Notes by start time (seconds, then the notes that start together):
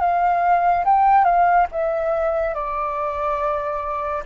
0.00 F5
0.85 G5
1.24 F5
1.72 E5
2.55 D5